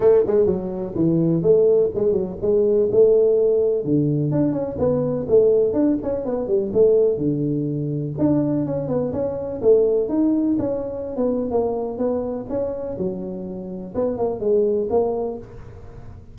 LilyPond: \new Staff \with { instrumentName = "tuba" } { \time 4/4 \tempo 4 = 125 a8 gis8 fis4 e4 a4 | gis8 fis8 gis4 a2 | d4 d'8 cis'8 b4 a4 | d'8 cis'8 b8 g8 a4 d4~ |
d4 d'4 cis'8 b8 cis'4 | a4 dis'4 cis'4~ cis'16 b8. | ais4 b4 cis'4 fis4~ | fis4 b8 ais8 gis4 ais4 | }